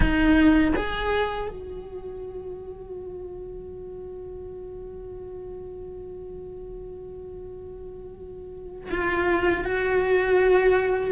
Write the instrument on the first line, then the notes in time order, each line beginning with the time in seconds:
cello
0.00 D#4
0.76 G#4
1.48 F#4
8.91 F4
9.64 F#4